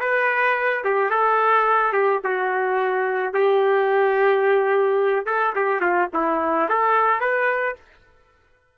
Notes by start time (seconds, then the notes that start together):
0.00 B4
0.84 G4
1.10 A4
1.92 G4
2.24 F#4
3.34 G4
5.26 A4
5.56 G4
5.81 F4
6.14 E4
6.69 A4
7.20 B4